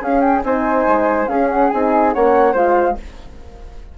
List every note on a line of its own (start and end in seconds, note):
0.00 0.42 C#4
0.00 0.43 C#4
0.00 0.43 G#4
0.00 0.20 F5
0.20 0.41 G5
0.43 0.85 C4
0.43 1.28 D#4
0.43 1.29 C5
0.43 1.27 G#5
0.87 1.27 G#3
1.27 1.69 C#4
1.27 1.72 C#4
1.27 2.14 G#4
1.27 1.48 F5
1.49 1.69 F#5
1.69 2.15 C4
1.69 2.15 D#4
1.69 2.12 G#5
2.13 2.54 A#3
2.13 2.54 C#4
2.13 2.52 C#5
2.13 2.55 F#5
2.52 2.96 G#3
2.52 2.97 F4
2.52 2.95 C5
2.52 2.98 F5